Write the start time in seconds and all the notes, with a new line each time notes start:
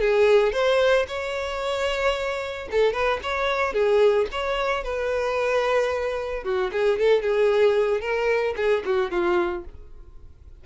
0.00 G#4
0.52 C5
1.07 C#5
2.71 A4
2.92 B4
3.23 C#5
3.73 G#4
4.31 C#5
4.83 B4
6.43 F#4
6.71 G#4
6.98 A4
7.22 G#4
8.00 A#4
8.56 G#4
8.85 F#4
9.10 F4